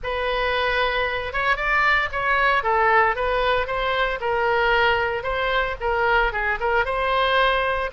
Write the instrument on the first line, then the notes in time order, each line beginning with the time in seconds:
oboe
0.03 B4
1.33 C#5
1.56 D5
2.11 C#5
2.63 A4
3.15 B4
3.66 C5
4.20 A#4
5.23 C5
5.80 A#4
6.32 G#4
6.60 A#4
6.85 C5